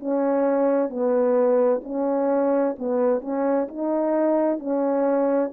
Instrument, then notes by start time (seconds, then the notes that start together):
horn
0.00 C#4
0.89 B3
1.84 C#4
2.79 B3
3.21 C#4
3.69 D#4
4.59 C#4